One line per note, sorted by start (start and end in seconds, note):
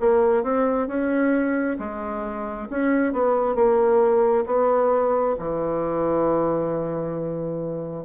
0.00 0.44 A#3
0.44 0.88 C4
0.88 1.77 C#4
1.79 2.69 G#3
2.70 3.13 C#4
3.13 3.56 B3
3.56 4.45 A#3
4.46 5.36 B3
5.39 8.05 E3